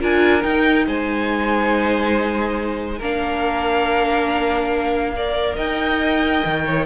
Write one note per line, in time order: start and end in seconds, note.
0.00 0.44 D4
0.00 0.41 F4
0.00 0.86 A#4
0.00 0.43 G#5
0.41 2.98 D#4
0.41 0.87 D#4
0.41 0.86 G5
0.87 3.00 G#3
0.87 2.98 C5
0.87 3.02 G#5
2.98 5.57 A#3
2.98 5.16 D4
2.98 5.13 A#4
2.98 5.57 F5
5.17 6.86 A#4
5.17 5.56 D5
5.56 6.43 D#4
5.56 6.63 D#5
5.56 6.86 G5
6.45 6.86 D#3
6.66 6.86 C#5